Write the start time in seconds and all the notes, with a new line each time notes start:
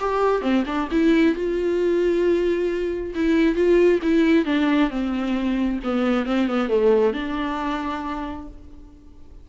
0.00 G4
0.42 C4
0.66 D4
0.91 E4
1.35 F4
3.15 E4
3.55 F4
4.03 E4
4.45 D4
4.90 C4
5.84 B3
6.26 C4
6.48 B3
6.69 A3
7.14 D4